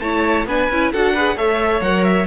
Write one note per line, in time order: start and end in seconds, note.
0.00 0.45 A3
0.00 0.47 E4
0.00 0.47 C#5
0.00 0.45 A5
0.45 0.68 B3
0.45 0.70 D4
0.45 0.92 B4
0.45 0.93 G#5
0.70 0.93 C#4
0.70 0.94 E4
0.92 1.35 D4
0.92 1.16 F#4
0.92 1.14 A4
0.92 1.38 F#5
1.14 1.37 G#4
1.14 1.36 B4
1.35 1.80 A3
1.35 1.82 A4
1.35 2.27 C#5
1.35 1.82 E5
1.81 2.26 F#3
1.81 2.27 A#4
1.81 2.04 F#5
2.04 2.27 E5